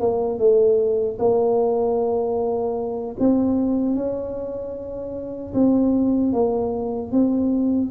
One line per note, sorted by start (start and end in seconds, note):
0.00 0.39 A#3
0.39 1.18 A3
1.18 3.16 A#3
3.19 3.95 C4
3.95 5.53 C#4
5.54 6.33 C4
6.33 7.12 A#3
7.12 7.91 C4